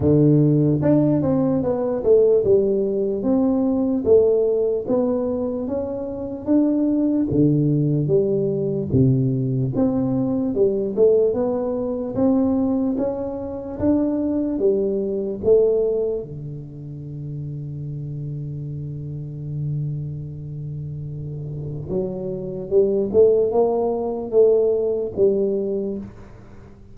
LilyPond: \new Staff \with { instrumentName = "tuba" } { \time 4/4 \tempo 4 = 74 d4 d'8 c'8 b8 a8 g4 | c'4 a4 b4 cis'4 | d'4 d4 g4 c4 | c'4 g8 a8 b4 c'4 |
cis'4 d'4 g4 a4 | d1~ | d2. fis4 | g8 a8 ais4 a4 g4 | }